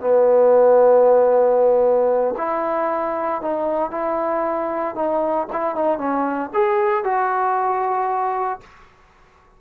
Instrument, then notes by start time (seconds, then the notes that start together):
trombone
0.00 B3
2.38 E4
3.42 D#4
3.91 E4
4.95 D#4
5.53 E4
5.75 D#4
5.98 C#4
6.54 G#4
7.04 F#4